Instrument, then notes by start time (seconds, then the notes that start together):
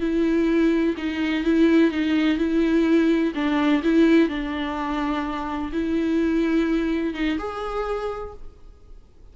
viola
0.00 E4
0.97 D#4
1.44 E4
1.91 D#4
2.38 E4
3.35 D4
3.83 E4
4.29 D4
5.73 E4
7.14 D#4
7.39 G#4